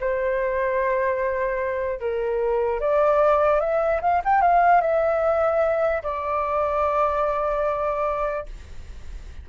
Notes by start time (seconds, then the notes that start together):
0.00 C5
1.99 A#4
2.80 D5
3.60 E5
4.01 F5
4.24 G5
4.41 F5
4.81 E5
6.03 D5